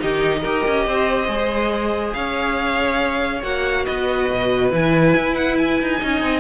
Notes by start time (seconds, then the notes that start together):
0.00 D#3 D#4 G4 D#5
0.42 D#4 G4 A#4
0.66 C#4
0.87 C4 C5
1.28 G#3 G#4
2.14 C#4 C#5 F5
3.43 A#3 F#4 F#5
3.86 B3 B4 D#5
4.30 B2
4.71 E3 E4 G#5
5.16 E4
5.36 F#5
5.58 G#5
5.81 D#4
6.00 C#4 D#4 D#5
6.22 C4